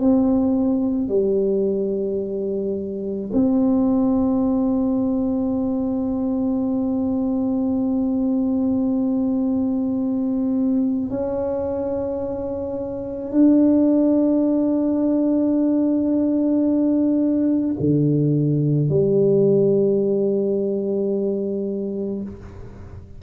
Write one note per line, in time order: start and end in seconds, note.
0.00 1.09 C4
1.09 3.31 G3
3.33 11.11 C4
11.11 13.32 C#4
13.32 17.76 D4
17.80 18.89 D3
18.89 22.23 G3